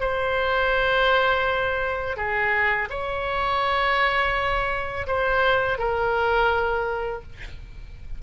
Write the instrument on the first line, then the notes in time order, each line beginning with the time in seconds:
oboe
0.00 C5
2.17 G#4
2.89 C#5
5.07 C5
5.78 A#4